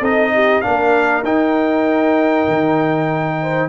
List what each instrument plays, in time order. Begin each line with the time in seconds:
0.00 tuba C4, trombone D#4, horn A4, trumpet D#5
0.34 horn G4
0.61 tuba A#3, trombone D4, horn A#4, trumpet F5
1.22 tuba D#4, trombone D#4, trumpet G5
2.48 tuba D#3
3.41 horn C5